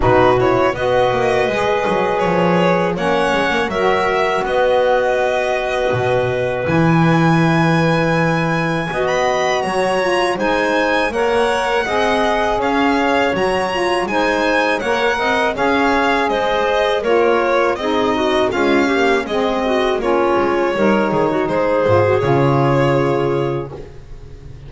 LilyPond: <<
  \new Staff \with { instrumentName = "violin" } { \time 4/4 \tempo 4 = 81 b'8 cis''8 dis''2 cis''4 | fis''4 e''4 dis''2~ | dis''4 gis''2.~ | gis''16 b''8. ais''4 gis''4 fis''4~ |
fis''4 f''4 ais''4 gis''4 | fis''4 f''4 dis''4 cis''4 | dis''4 f''4 dis''4 cis''4~ | cis''4 c''4 cis''2 | }
  \new Staff \with { instrumentName = "clarinet" } { \time 4/4 fis'4 b'2. | cis''4 ais'4 b'2~ | b'1 | dis''4 cis''4 c''4 cis''4 |
dis''4 cis''2 c''4 | cis''8 dis''8 cis''4 c''4 ais'4 | gis'8 fis'8 f'8 g'8 gis'8 fis'8 f'4 | ais'8 gis'16 fis'16 gis'2. | }
  \new Staff \with { instrumentName = "saxophone" } { \time 4/4 dis'8 e'8 fis'4 gis'2 | cis'4 fis'2.~ | fis'4 e'2. | fis'4. f'8 dis'4 ais'4 |
gis'2 fis'8 f'8 dis'4 | ais'4 gis'2 f'4 | dis'4 gis8 ais8 c'4 cis'4 | dis'4. f'16 fis'16 f'2 | }
  \new Staff \with { instrumentName = "double bass" } { \time 4/4 b,4 b8 ais8 gis8 fis8 f4 | ais8 gis16 ais16 fis4 b2 | b,4 e2. | b4 fis4 gis4 ais4 |
c'4 cis'4 fis4 gis4 | ais8 c'8 cis'4 gis4 ais4 | c'4 cis'4 gis4 ais8 gis8 | g8 dis8 gis8 gis,8 cis2 | }
>>